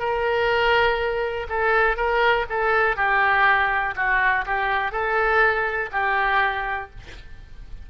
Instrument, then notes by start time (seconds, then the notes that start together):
oboe
0.00 A#4
1.50 A4
1.97 A#4
2.50 A4
2.97 G4
3.96 F#4
4.46 G4
4.92 A4
5.92 G4